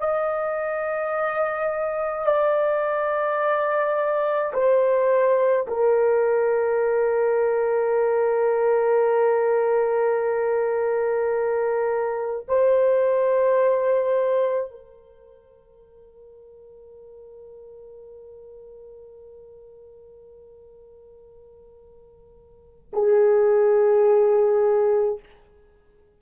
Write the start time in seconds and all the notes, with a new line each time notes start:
0.00 D#5
2.26 D5
4.54 C5
5.68 A#4
12.49 C5
14.71 A#4
22.93 G#4